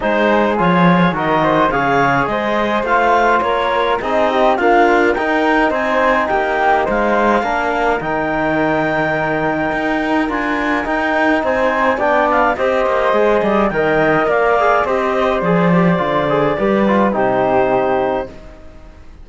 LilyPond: <<
  \new Staff \with { instrumentName = "clarinet" } { \time 4/4 \tempo 4 = 105 c''4 cis''4 dis''4 f''4 | dis''4 f''4 cis''4 dis''4 | f''4 g''4 gis''4 g''4 | f''2 g''2~ |
g''2 gis''4 g''4 | gis''4 g''8 f''8 dis''2 | g''4 f''4 dis''4 d''4~ | d''2 c''2 | }
  \new Staff \with { instrumentName = "flute" } { \time 4/4 gis'2 ais'8 c''8 cis''4 | c''2 ais'4 gis'8 g'8 | f'4 ais'4 c''4 g'4 | c''4 ais'2.~ |
ais'1 | c''4 d''4 c''4. d''8 | dis''4 d''4 c''2~ | c''4 b'4 g'2 | }
  \new Staff \with { instrumentName = "trombone" } { \time 4/4 dis'4 f'4 fis'4 gis'4~ | gis'4 f'2 dis'4 | ais4 dis'2.~ | dis'4 d'4 dis'2~ |
dis'2 f'4 dis'4~ | dis'4 d'4 g'4 gis'4 | ais'4. gis'8 g'4 gis'8 g'8 | f'8 gis'8 g'8 f'8 dis'2 | }
  \new Staff \with { instrumentName = "cello" } { \time 4/4 gis4 f4 dis4 cis4 | gis4 a4 ais4 c'4 | d'4 dis'4 c'4 ais4 | gis4 ais4 dis2~ |
dis4 dis'4 d'4 dis'4 | c'4 b4 c'8 ais8 gis8 g8 | dis4 ais4 c'4 f4 | d4 g4 c2 | }
>>